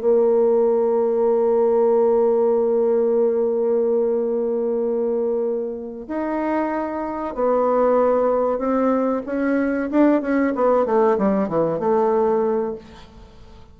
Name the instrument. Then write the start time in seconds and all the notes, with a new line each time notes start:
bassoon
0.00 A#3
6.07 D#4
7.34 B3
8.58 C4
9.26 C#4
9.91 D4
10.21 C#4
10.55 B3
10.85 A3
11.18 G3
11.48 E3
11.79 A3